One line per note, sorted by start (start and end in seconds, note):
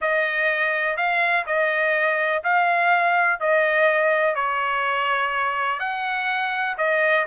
0.01 0.97 D#5
0.97 1.45 F5
1.46 2.43 D#5
2.43 3.40 F5
3.40 4.35 D#5
4.35 5.79 C#5
5.79 6.76 F#5
6.77 7.26 D#5